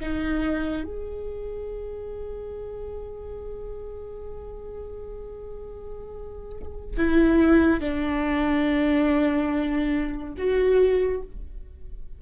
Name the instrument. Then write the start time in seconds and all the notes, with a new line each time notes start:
viola
0.00 D#4
0.83 G#4
6.97 E4
7.80 D4
10.37 F#4